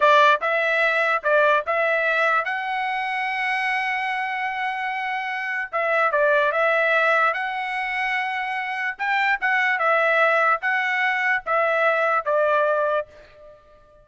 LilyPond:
\new Staff \with { instrumentName = "trumpet" } { \time 4/4 \tempo 4 = 147 d''4 e''2 d''4 | e''2 fis''2~ | fis''1~ | fis''2 e''4 d''4 |
e''2 fis''2~ | fis''2 g''4 fis''4 | e''2 fis''2 | e''2 d''2 | }